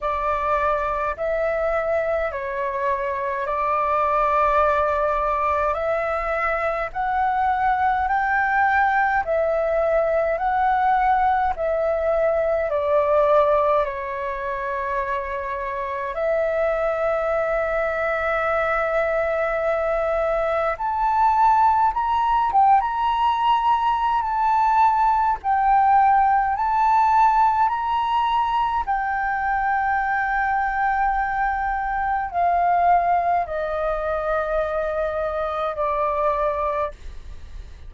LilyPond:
\new Staff \with { instrumentName = "flute" } { \time 4/4 \tempo 4 = 52 d''4 e''4 cis''4 d''4~ | d''4 e''4 fis''4 g''4 | e''4 fis''4 e''4 d''4 | cis''2 e''2~ |
e''2 a''4 ais''8 g''16 ais''16~ | ais''4 a''4 g''4 a''4 | ais''4 g''2. | f''4 dis''2 d''4 | }